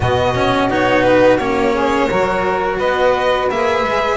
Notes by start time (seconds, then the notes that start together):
0.00 B2 B3 F#4 D#5
0.35 C#4
0.68 B3 D#4 C#5
1.03 B4
1.37 A#3 C#4 C#5
1.72 G#4
2.08 F#3 F#4 A#4
2.77 B3 B4 D#5
3.49 A#3 G#4 E5
3.83 G#3